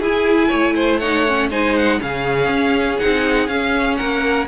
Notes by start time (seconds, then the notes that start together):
0.00 E4 G#4 G#5
0.49 A3 C#5
0.75 C5
0.98 D#4 C#5 F#5
1.27 C#4
1.50 G#3 D#4 C5 G#5
1.76 F#5
2.00 C#3 C#4 G#4 F5
2.49 C#4
2.98 C4 D#4 F#5
3.48 C#4 F5
3.96 A#3 A#4 F#5